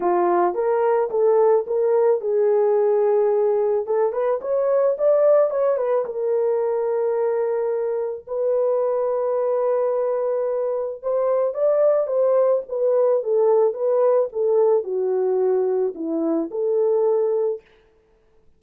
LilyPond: \new Staff \with { instrumentName = "horn" } { \time 4/4 \tempo 4 = 109 f'4 ais'4 a'4 ais'4 | gis'2. a'8 b'8 | cis''4 d''4 cis''8 b'8 ais'4~ | ais'2. b'4~ |
b'1 | c''4 d''4 c''4 b'4 | a'4 b'4 a'4 fis'4~ | fis'4 e'4 a'2 | }